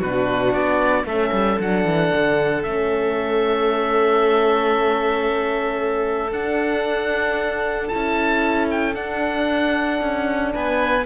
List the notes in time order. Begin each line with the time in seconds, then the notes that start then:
0.00 B2 D4 F#4 B4
0.54 B3 D5
1.05 A3 C#4 A4 E5
1.32 G3
1.59 F#3 D4 F#5
1.85 E3
2.15 D3
2.63 A3 C#4 E5
6.31 D4 F#5
7.88 E4 A5
7.95 C#4
8.71 G5
8.95 D4 F#5
10.02 C#4
10.54 B3 B4 G#5